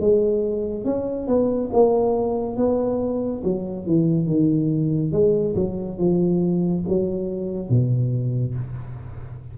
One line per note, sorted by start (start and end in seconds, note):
0.00 0.85 G#3
0.85 1.27 C#4
1.27 1.70 B3
1.73 2.56 A#3
2.56 3.42 B3
3.44 3.86 F#3
3.86 4.27 E3
4.27 5.12 D#3
5.12 5.55 G#3
5.55 5.98 F#3
5.98 6.83 F3
6.88 7.69 F#3
7.69 8.55 B2